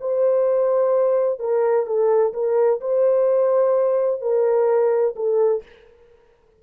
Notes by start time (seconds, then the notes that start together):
0.00 C5
1.39 A#4
1.86 A4
2.33 A#4
2.80 C5
4.21 A#4
5.16 A4